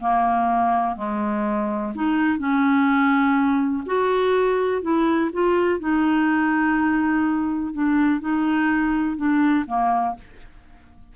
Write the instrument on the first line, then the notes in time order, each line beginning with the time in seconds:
clarinet
0.00 A#3
0.96 G#3
1.94 D#4
2.38 C#4
3.86 F#4
4.82 E4
5.32 F4
5.79 D#4
7.73 D4
8.20 D#4
9.16 D4
9.67 A#3